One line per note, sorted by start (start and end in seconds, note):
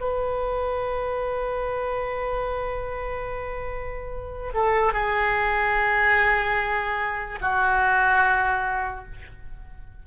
0.00 4.52 B4
4.54 4.92 A4
4.92 7.39 G#4
7.40 9.05 F#4